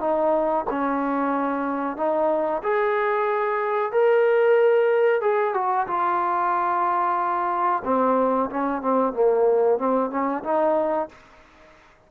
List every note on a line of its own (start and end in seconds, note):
0.00 0.65 D#4
0.70 1.97 C#4
1.97 2.62 D#4
2.63 3.92 G#4
3.92 5.21 A#4
5.21 5.54 G#4
5.54 5.87 F#4
5.87 7.83 F4
7.84 8.50 C4
8.50 8.82 C#4
8.82 9.13 C4
9.13 9.78 A#3
9.78 10.11 C4
10.11 10.43 C#4
10.44 11.09 D#4